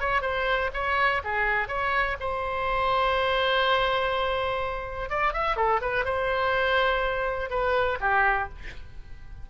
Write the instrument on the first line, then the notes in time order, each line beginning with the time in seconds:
oboe
0.00 C#5
0.22 C5
0.74 C#5
1.24 G#4
1.68 C#5
2.20 C5
5.09 D5
5.33 E5
5.56 A4
5.81 B4
6.05 C5
7.50 B4
8.00 G4